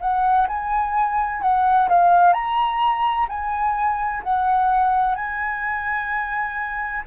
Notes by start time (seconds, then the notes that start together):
0.00 F#5
0.47 G#5
1.41 F#5
1.89 F5
2.33 A#5
3.29 G#5
4.23 F#5
5.15 G#5